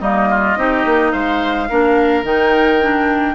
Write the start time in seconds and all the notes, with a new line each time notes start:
0.00 G3 A#3 D#4 D#5
0.30 F4
0.56 C4 D#4 G4
0.85 A#3
1.12 G#3 C5 F5
1.69 A#3 D4 A#4
2.23 D#3 D#4 G5
2.81 D4